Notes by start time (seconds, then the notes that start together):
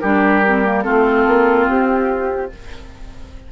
0.00 G3 D4 G4 A#4
0.46 C4
0.65 A#3
0.83 A3 C4 F4 A4
1.27 A#3
1.69 C4 G4